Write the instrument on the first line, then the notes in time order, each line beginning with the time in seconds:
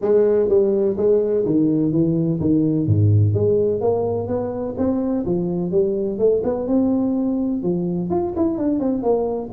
tuba
0.01 G#3
0.48 G3
0.97 G#3
1.45 D#3
1.92 E3
2.40 D#3
2.86 G#2
3.34 G#3
3.81 A#3
4.27 B3
4.77 C4
5.25 F3
5.71 G3
6.18 A3
6.43 B3
6.67 C4
7.62 F3
8.10 F4
8.36 E4
8.57 D4
8.79 C4
9.02 A#3